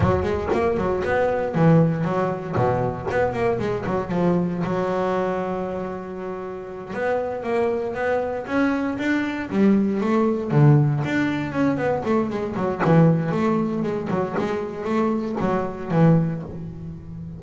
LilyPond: \new Staff \with { instrumentName = "double bass" } { \time 4/4 \tempo 4 = 117 fis8 gis8 ais8 fis8 b4 e4 | fis4 b,4 b8 ais8 gis8 fis8 | f4 fis2.~ | fis4. b4 ais4 b8~ |
b8 cis'4 d'4 g4 a8~ | a8 d4 d'4 cis'8 b8 a8 | gis8 fis8 e4 a4 gis8 fis8 | gis4 a4 fis4 e4 | }